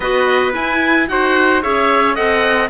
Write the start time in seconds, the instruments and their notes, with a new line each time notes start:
0.00 cello B3, clarinet F#4, trumpet B4, oboe D#5
0.52 clarinet E4, cello E4, oboe G#5
1.07 cello D#4, clarinet F#4, trumpet C5, oboe F#5
1.61 cello C#4, clarinet G#4, trumpet C#5, oboe E5
2.14 cello C4, clarinet A4, trumpet D#5, oboe F#5